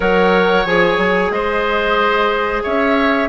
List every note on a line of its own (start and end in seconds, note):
0.00 0.65 F#3
0.00 0.65 A#4
0.00 1.32 C#5
0.00 0.66 F#5
0.65 0.97 F3
0.65 3.29 G#4
0.65 1.31 G#5
0.97 1.30 F#3
1.30 2.62 G#3
1.30 2.63 C5
1.30 2.63 D#5
2.63 3.29 C#4
2.63 3.29 C#5
2.63 3.29 E5